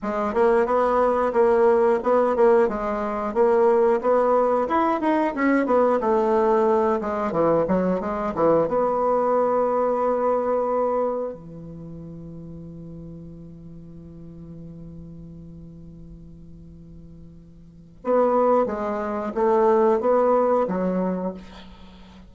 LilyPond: \new Staff \with { instrumentName = "bassoon" } { \time 4/4 \tempo 4 = 90 gis8 ais8 b4 ais4 b8 ais8 | gis4 ais4 b4 e'8 dis'8 | cis'8 b8 a4. gis8 e8 fis8 | gis8 e8 b2.~ |
b4 e2.~ | e1~ | e2. b4 | gis4 a4 b4 fis4 | }